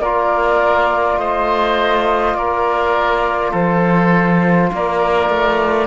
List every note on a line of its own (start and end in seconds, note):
0.00 1.18 A#3
0.00 5.87 F4
0.00 1.19 A#4
0.00 1.18 D5
1.18 2.34 A3
1.18 2.37 C5
1.18 2.35 D#5
2.34 3.52 A#3
2.34 3.51 A#4
2.34 3.53 D5
3.51 4.71 F3
3.51 4.69 A4
3.51 4.72 C5
4.73 5.30 A#3
4.73 5.87 A#4
4.73 5.87 D5
5.30 5.87 A3